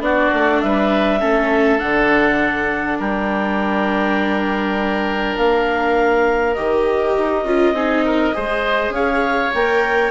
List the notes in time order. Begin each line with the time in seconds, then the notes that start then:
0.00 B3 D4 F#4 D5
0.34 A3
0.61 G3 B4 E5
1.20 A3 C#4 A4
1.79 D3 D4 F#5
2.99 G3 A#4 G5
5.38 A#3 F5
6.54 D#3 G4 D#5
7.18 D#4
7.45 C#4 F4
7.73 C4 D#4 G#4
8.06 A#4
8.33 G#3 G#4 C5
8.89 C#4 C#5 F5
9.54 A#3 A#4 G5